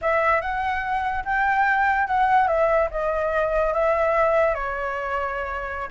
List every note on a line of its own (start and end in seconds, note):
0.01 0.41 E5
0.41 1.24 F#5
1.24 2.07 G5
2.07 2.47 F#5
2.47 2.89 E5
2.90 3.73 D#5
3.73 4.54 E5
4.54 5.89 C#5